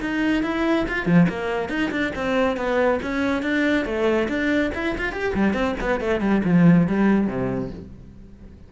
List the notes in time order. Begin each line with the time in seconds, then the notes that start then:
0.00 D#4
0.43 E4
0.88 F4
1.06 F3
1.29 A#3
1.69 D#4
1.91 D4
2.15 C4
2.57 B3
3.02 C#4
3.42 D4
3.85 A3
4.28 D4
4.74 E4
4.97 F4
5.12 G4
5.34 G3
5.53 C4
5.80 B3
6.00 A3
6.20 G3
6.44 F3
6.87 G3
7.27 C3